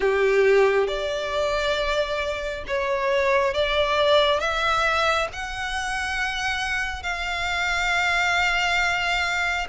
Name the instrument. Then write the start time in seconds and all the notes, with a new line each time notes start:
violin
0.00 G4
0.87 D5
2.67 C#5
3.53 D5
4.40 E5
5.33 F#5
7.02 F5